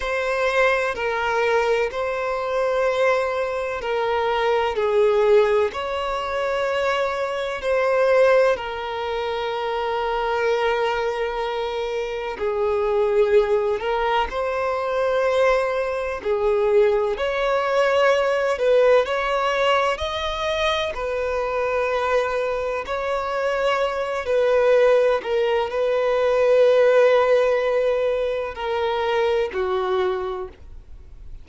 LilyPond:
\new Staff \with { instrumentName = "violin" } { \time 4/4 \tempo 4 = 63 c''4 ais'4 c''2 | ais'4 gis'4 cis''2 | c''4 ais'2.~ | ais'4 gis'4. ais'8 c''4~ |
c''4 gis'4 cis''4. b'8 | cis''4 dis''4 b'2 | cis''4. b'4 ais'8 b'4~ | b'2 ais'4 fis'4 | }